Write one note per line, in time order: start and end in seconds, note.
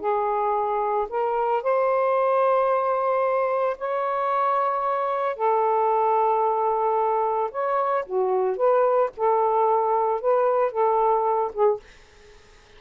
0.00 1.07 G#4
1.09 1.63 A#4
1.63 3.77 C5
3.78 5.36 C#5
5.36 7.50 A4
7.51 8.05 C#5
8.06 8.57 F#4
8.57 9.10 B4
9.17 10.21 A4
10.21 10.71 B4
10.71 11.52 A4
11.53 11.80 G#4